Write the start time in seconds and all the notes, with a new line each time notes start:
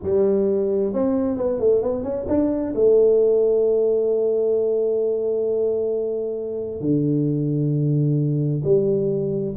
0.02 G3
0.93 C4
1.37 B3
1.59 A3
1.82 B3
2.03 C#4
2.28 D4
2.75 A3
6.80 D3
8.64 G3